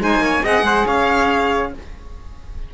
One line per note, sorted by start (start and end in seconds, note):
0.00 0.19 G#3
0.00 0.44 D#4
0.00 0.24 C5
0.00 0.45 G#5
0.19 0.40 A#3
0.19 0.43 C#5
0.43 0.62 C4
0.43 1.73 G#4
0.43 0.65 D#5
0.43 0.87 F#5
0.62 0.84 G#3
0.62 0.86 C5
0.86 1.74 C#4
0.86 1.73 C#5
0.86 1.74 F5